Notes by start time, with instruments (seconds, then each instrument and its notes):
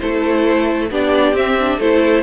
0.00 cello A3, viola E4, violin A4 C5
0.91 cello B3, viola D4, violin G4 D5
1.33 cello C4, viola C4, violin E5
1.60 viola D4
1.80 cello A3, viola E4, violin A4 C5